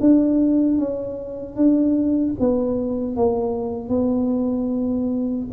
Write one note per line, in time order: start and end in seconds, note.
0.00 0.78 D4
0.78 1.55 C#4
1.55 2.34 D4
2.39 3.16 B3
3.16 3.89 A#3
3.89 5.47 B3